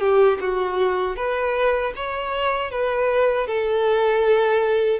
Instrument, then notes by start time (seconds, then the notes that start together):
violin
0.00 G4
0.41 F#4
1.16 B4
1.96 C#5
2.71 B4
3.47 A4